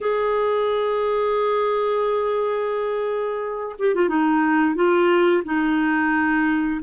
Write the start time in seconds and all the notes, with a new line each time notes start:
0.00 G#4
3.78 G4
3.94 F4
4.08 D#4
4.75 F4
5.44 D#4